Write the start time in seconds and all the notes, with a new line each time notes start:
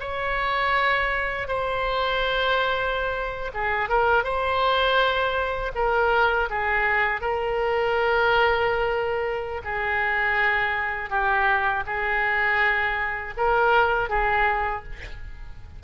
0.00 C#5
1.48 C5
3.54 G#4
3.89 A#4
4.24 C5
5.75 A#4
6.50 G#4
7.21 A#4
9.64 G#4
11.10 G4
11.86 G#4
13.37 A#4
14.09 G#4